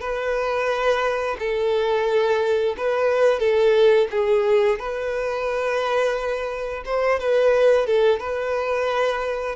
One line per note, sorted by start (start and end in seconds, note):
0.00 1.36 B4
1.39 2.75 A4
2.77 3.39 B4
3.39 4.07 A4
4.11 4.79 G#4
4.79 6.83 B4
6.85 7.19 C5
7.19 7.86 B4
7.86 8.19 A4
8.19 9.55 B4